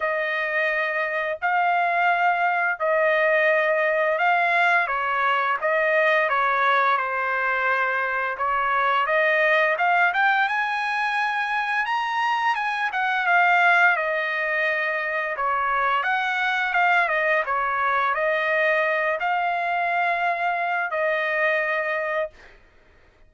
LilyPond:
\new Staff \with { instrumentName = "trumpet" } { \time 4/4 \tempo 4 = 86 dis''2 f''2 | dis''2 f''4 cis''4 | dis''4 cis''4 c''2 | cis''4 dis''4 f''8 g''8 gis''4~ |
gis''4 ais''4 gis''8 fis''8 f''4 | dis''2 cis''4 fis''4 | f''8 dis''8 cis''4 dis''4. f''8~ | f''2 dis''2 | }